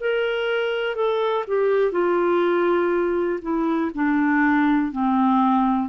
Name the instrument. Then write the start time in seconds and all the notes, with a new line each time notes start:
clarinet
0.00 A#4
0.95 A4
1.47 G4
1.91 F4
3.42 E4
3.94 D4
4.91 C4